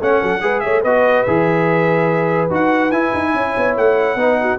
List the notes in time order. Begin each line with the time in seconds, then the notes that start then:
0.00 A3 C#4 C#5 F#5
0.20 F#3 A4
0.41 G#3 G#4 B4
0.60 A3 C#5 E5
0.81 B3 F#4 B4 D#5
1.23 E3 G#4 E5
2.50 D#4 F#4 F#5
2.91 E4 G#5
3.14 D#4
3.34 C#4 C#5
3.57 B3
3.77 A3 F#5
4.15 B3 D#4 B4
4.41 F#4